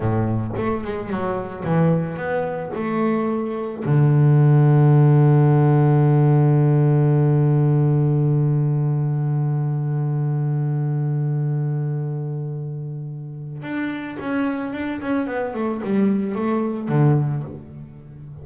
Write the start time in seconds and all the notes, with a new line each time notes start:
0.00 A2
0.56 A3
0.84 G#3
1.09 F#3
1.64 E3
2.16 B3
2.74 A3
3.85 D3
13.62 D4
14.19 C#4
14.73 D4
15.01 C#4
15.27 B3
15.53 A3
15.83 G3
16.35 A3
16.88 D3